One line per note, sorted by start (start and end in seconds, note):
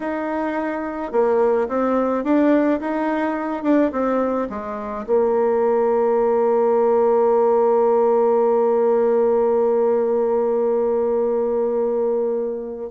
0.00 1.11 D#4
1.11 1.67 A#3
1.68 2.24 C4
2.24 2.80 D4
2.80 3.63 D#4
3.63 3.91 D4
3.92 4.48 C4
4.49 5.05 G#3
5.06 12.90 A#3